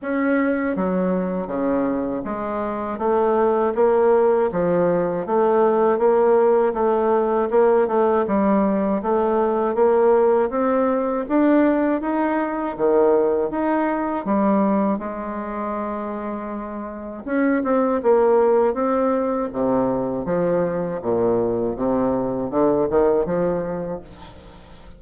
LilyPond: \new Staff \with { instrumentName = "bassoon" } { \time 4/4 \tempo 4 = 80 cis'4 fis4 cis4 gis4 | a4 ais4 f4 a4 | ais4 a4 ais8 a8 g4 | a4 ais4 c'4 d'4 |
dis'4 dis4 dis'4 g4 | gis2. cis'8 c'8 | ais4 c'4 c4 f4 | ais,4 c4 d8 dis8 f4 | }